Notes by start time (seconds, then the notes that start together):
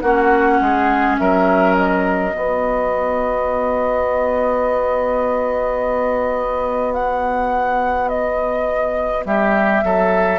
0.00 A#3 C#4 F#4 F#5
0.60 G#3 G#4
1.18 F#3 A#4 E5
1.76 D#5
2.29 B3
2.35 B3 F#4
6.93 F#5
8.08 D#5
9.25 G3 G4 E5
9.84 F#3 A4